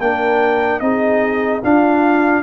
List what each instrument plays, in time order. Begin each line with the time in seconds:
0.00 tuba A#3, trombone D4, horn A#4, trumpet G5
0.80 tuba C4, trombone D#4, horn G#4, trumpet D#5
1.62 tuba D4, trombone D4, horn F4, trumpet F5